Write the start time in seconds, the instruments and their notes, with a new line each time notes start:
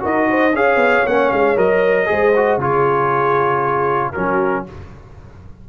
0.00 tuba D#4, trombone F#4, horn A#4, trumpet D#5
0.30 horn C5
0.53 tuba C#4, trombone G#4, horn C#5, trumpet F5
0.76 tuba B3
1.06 tuba A#3, trombone C#4, trumpet F#5
1.32 tuba G#3, trumpet F5
1.57 tuba F#3, trombone A#4, trumpet D#5
2.06 tuba G#3, trombone G#4, horn C5
2.36 trombone F#4
2.58 tuba C#3, trombone F4, horn G#4, trumpet C#5
4.12 tuba F#3, trombone C#4, horn F#4, trumpet A#4